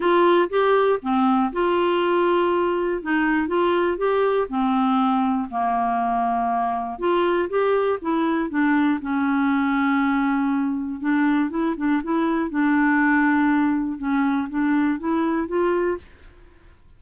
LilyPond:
\new Staff \with { instrumentName = "clarinet" } { \time 4/4 \tempo 4 = 120 f'4 g'4 c'4 f'4~ | f'2 dis'4 f'4 | g'4 c'2 ais4~ | ais2 f'4 g'4 |
e'4 d'4 cis'2~ | cis'2 d'4 e'8 d'8 | e'4 d'2. | cis'4 d'4 e'4 f'4 | }